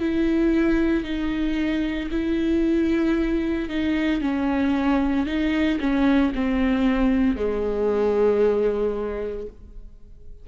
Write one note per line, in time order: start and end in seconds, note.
0.00 1.04 E4
1.04 2.10 D#4
2.11 3.69 E4
3.69 4.22 D#4
4.22 5.27 C#4
5.27 5.79 D#4
5.80 6.33 C#4
6.35 7.37 C4
7.37 9.47 G#3